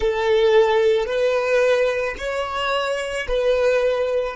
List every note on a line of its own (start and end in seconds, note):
0.00 1.06 A4
1.06 2.15 B4
2.18 3.27 C#5
3.27 4.35 B4